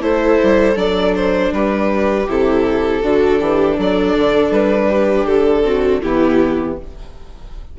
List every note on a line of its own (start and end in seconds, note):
0.00 0.38 A3
0.00 0.75 E4
0.00 1.52 A4
0.00 0.77 C5
0.43 0.76 G3
0.75 1.51 F#3
0.75 2.25 D4
0.75 1.15 D5
1.15 1.53 C5
1.52 2.27 G3
1.52 3.02 G4
1.52 2.29 B4
2.28 3.03 C3
2.28 3.03 E4
2.28 3.80 A4
3.02 3.40 D3
3.02 5.63 D4
3.02 3.40 F#4
3.40 3.78 E3
3.40 3.77 G4
3.77 4.16 F#3
3.77 4.88 A4
3.77 4.52 D5
4.17 4.50 D3
4.50 5.25 G3
4.50 5.26 B4
4.88 5.63 G4
5.26 6.02 D3
5.26 6.01 A4
5.63 6.01 C4
5.63 6.01 F#4
6.01 6.79 E3
6.01 6.78 B3
6.01 6.76 E4
6.01 6.77 G4